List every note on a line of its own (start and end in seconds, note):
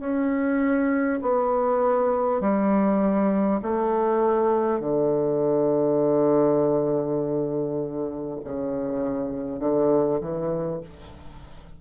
0.00 1.20 C#4
1.22 2.41 B3
2.41 3.61 G3
3.63 4.80 A3
4.80 8.40 D3
8.44 9.59 C#3
9.59 10.19 D3
10.21 10.81 E3